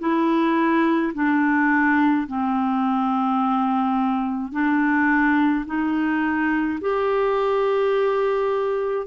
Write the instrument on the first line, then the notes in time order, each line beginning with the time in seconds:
clarinet
0.00 E4
1.14 D4
2.28 C4
4.53 D4
5.67 D#4
6.81 G4